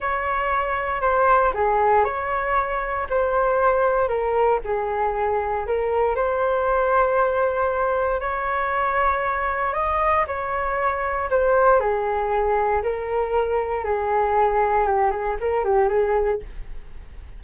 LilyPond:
\new Staff \with { instrumentName = "flute" } { \time 4/4 \tempo 4 = 117 cis''2 c''4 gis'4 | cis''2 c''2 | ais'4 gis'2 ais'4 | c''1 |
cis''2. dis''4 | cis''2 c''4 gis'4~ | gis'4 ais'2 gis'4~ | gis'4 g'8 gis'8 ais'8 g'8 gis'4 | }